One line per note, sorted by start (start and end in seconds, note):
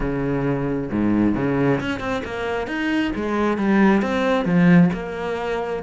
0.00 0.89 C#3
0.91 1.35 G#2
1.35 1.80 C#3
1.80 2.00 C#4
2.00 2.22 C4
2.24 2.67 A#3
2.67 3.12 D#4
3.15 3.57 G#3
3.57 4.02 G3
4.02 4.45 C4
4.45 4.90 F3
4.93 5.82 A#3